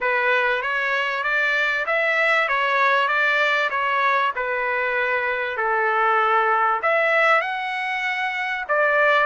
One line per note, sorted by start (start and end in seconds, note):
0.00 0.62 B4
0.62 1.23 C#5
1.23 1.85 D5
1.86 2.48 E5
2.48 3.08 C#5
3.08 3.69 D5
3.70 4.32 C#5
4.35 5.57 B4
5.57 6.80 A4
6.82 7.41 E5
7.41 8.64 F#5
8.68 9.26 D5